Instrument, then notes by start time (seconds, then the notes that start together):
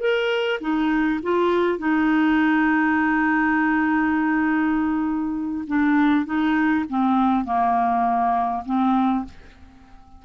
clarinet
0.00 A#4
0.60 D#4
1.23 F4
1.78 D#4
5.67 D4
6.26 D#4
6.89 C4
7.45 A#3
8.66 C4